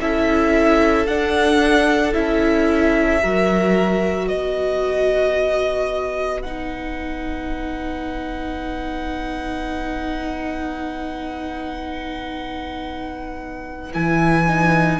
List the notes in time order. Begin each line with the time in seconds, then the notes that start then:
0.00 C#4 E4 A4 E5
1.06 D4 F#5
2.13 C#4 E4 E5
3.21 F#3 F#4 A#4
4.26 B3 B4 D#5
6.42 D#4 F#5
13.93 E3 E4 G#5
14.47 D#4